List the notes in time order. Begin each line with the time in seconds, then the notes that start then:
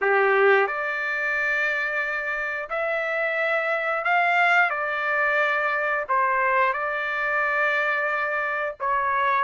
0.01 G4
0.67 D5
2.69 E5
4.04 F5
4.69 D5
6.08 C5
6.73 D5
8.79 C#5